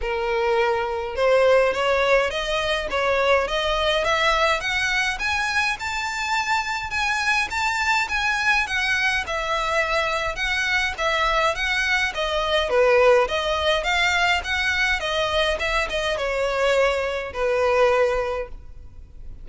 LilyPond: \new Staff \with { instrumentName = "violin" } { \time 4/4 \tempo 4 = 104 ais'2 c''4 cis''4 | dis''4 cis''4 dis''4 e''4 | fis''4 gis''4 a''2 | gis''4 a''4 gis''4 fis''4 |
e''2 fis''4 e''4 | fis''4 dis''4 b'4 dis''4 | f''4 fis''4 dis''4 e''8 dis''8 | cis''2 b'2 | }